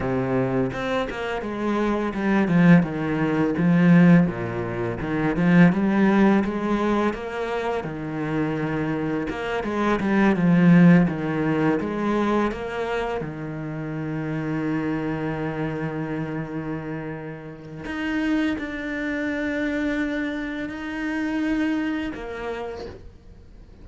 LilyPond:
\new Staff \with { instrumentName = "cello" } { \time 4/4 \tempo 4 = 84 c4 c'8 ais8 gis4 g8 f8 | dis4 f4 ais,4 dis8 f8 | g4 gis4 ais4 dis4~ | dis4 ais8 gis8 g8 f4 dis8~ |
dis8 gis4 ais4 dis4.~ | dis1~ | dis4 dis'4 d'2~ | d'4 dis'2 ais4 | }